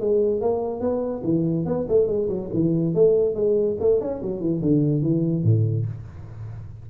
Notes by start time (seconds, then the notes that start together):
0.00 G#3
0.41 A#3
0.80 B3
1.24 E3
1.66 B3
1.88 A3
2.07 G#3
2.29 F#3
2.54 E3
2.94 A3
3.35 G#3
3.80 A3
4.01 C#4
4.22 F#3
4.40 E3
4.62 D3
5.03 E3
5.44 A2